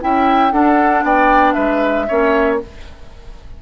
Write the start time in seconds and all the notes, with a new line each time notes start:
0.00 C#4 E4 E5 G5
0.52 D4 A4 F#5
1.03 B3 D5 G5
1.53 G#3 B4 E5
2.08 A#3 C#4 C#5